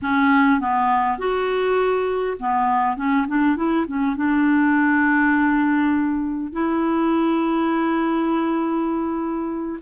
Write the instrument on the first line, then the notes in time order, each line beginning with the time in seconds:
clarinet
0.02 C#4
0.60 B3
1.18 F#4
2.39 B3
2.96 C#4
3.27 D4
3.56 E4
3.87 C#4
4.16 D4
6.52 E4